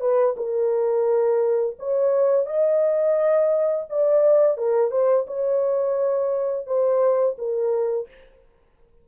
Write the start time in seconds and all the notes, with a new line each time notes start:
0.00 B4
0.36 A#4
1.79 C#5
2.46 D#5
3.89 D5
4.57 A#4
4.91 C5
5.27 C#5
6.66 C5
7.38 A#4